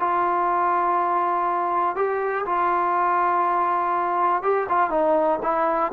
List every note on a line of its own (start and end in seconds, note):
0.00 1.96 F4
1.96 2.45 G4
2.46 4.43 F4
4.43 4.67 G4
4.69 4.90 F4
4.90 5.40 D#4
5.43 5.92 E4